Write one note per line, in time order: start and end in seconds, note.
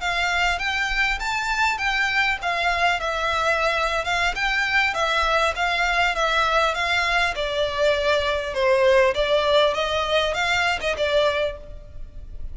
0.00 0.59 F5
0.59 1.19 G5
1.19 1.78 A5
1.78 2.38 G5
2.42 3.00 F5
3.00 4.04 E5
4.04 4.34 F5
4.35 4.94 G5
4.94 5.54 E5
5.56 6.15 F5
6.15 6.74 E5
6.74 7.34 F5
7.35 8.54 D5
8.54 9.14 C5
9.14 9.74 D5
9.74 10.34 D#5
10.34 10.79 F5
10.81 10.96 D#5
10.97 11.57 D5